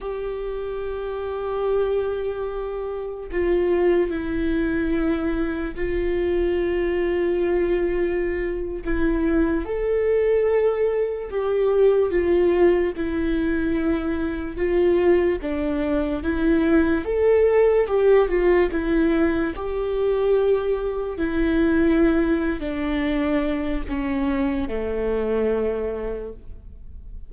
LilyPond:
\new Staff \with { instrumentName = "viola" } { \time 4/4 \tempo 4 = 73 g'1 | f'4 e'2 f'4~ | f'2~ f'8. e'4 a'16~ | a'4.~ a'16 g'4 f'4 e'16~ |
e'4.~ e'16 f'4 d'4 e'16~ | e'8. a'4 g'8 f'8 e'4 g'16~ | g'4.~ g'16 e'4.~ e'16 d'8~ | d'4 cis'4 a2 | }